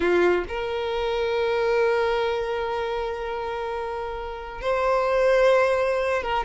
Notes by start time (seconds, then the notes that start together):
0.00 F4
0.48 A#4
4.61 C5
6.22 A#4